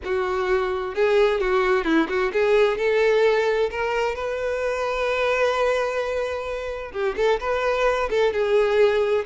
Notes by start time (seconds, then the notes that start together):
0.04 F#4
0.94 G#4
1.40 F#4
1.84 E4
2.09 F#4
2.32 G#4
2.77 A4
3.70 A#4
4.15 B4
6.91 G4
7.16 A4
7.40 B4
8.09 A4
8.32 G#4